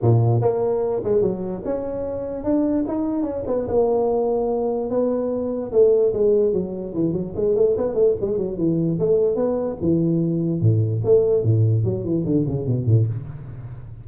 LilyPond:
\new Staff \with { instrumentName = "tuba" } { \time 4/4 \tempo 4 = 147 ais,4 ais4. gis8 fis4 | cis'2 d'4 dis'4 | cis'8 b8 ais2. | b2 a4 gis4 |
fis4 e8 fis8 gis8 a8 b8 a8 | gis8 fis8 e4 a4 b4 | e2 a,4 a4 | a,4 fis8 e8 d8 cis8 b,8 a,8 | }